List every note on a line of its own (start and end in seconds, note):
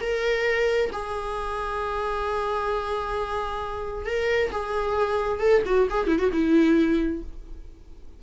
0.00 0.90 A#4
0.92 4.06 G#4
4.06 4.51 A#4
4.52 5.40 G#4
5.40 5.62 A4
5.65 5.88 F#4
5.90 6.07 G#4
6.07 6.18 E4
6.19 6.30 F#4
6.32 7.22 E4